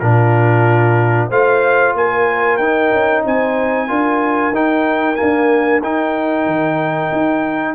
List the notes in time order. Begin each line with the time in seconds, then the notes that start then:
0.00 A#2 D4 F4 A#4
1.29 A3 F4 C5 F5
1.94 A#3 A#4 G#5
2.58 D#4 G5
2.92 C#4
3.25 C4 C5 G#5
3.88 D4 F4 A#4
4.51 D#4 G5
5.16 A#3 D4 G#5
5.82 D#4 G5
6.46 D#3
7.12 D#4